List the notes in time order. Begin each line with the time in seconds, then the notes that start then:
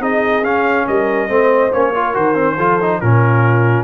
0.00 C4 D#4 G#4 D#5
0.43 C#4 F5
0.86 G3 A#4 D#5
1.29 A3 C4 C5
1.72 A#3 C#4 C#5
1.93 F4 A#4
2.14 D#3 F#4 C5
2.35 C4
2.57 F3 F4 A4
2.81 D#4
3.01 A#2 C#4 F4 A#4